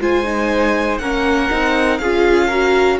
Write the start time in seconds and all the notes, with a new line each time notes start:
0.00 G#3 F4 C5 G#5
0.24 D#4
0.98 A#3 C#4 A#4 F#5
1.50 C4 D#4
1.98 C#4 F4 G#4 F5
2.48 F#4 A#4